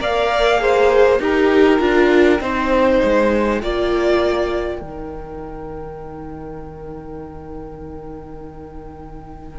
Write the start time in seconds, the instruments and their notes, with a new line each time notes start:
0.00 cello A#3, viola A#4, violin D5 F5
0.58 viola G#4, violin C5
1.19 cello D#4, viola G4, violin A#4 G5
1.79 cello D4, viola F4
2.40 cello C4, viola D#4, violin C5
3.03 cello G#3
3.61 cello A#3, viola F4, violin D5
4.80 cello D#3, viola D#4, violin A#4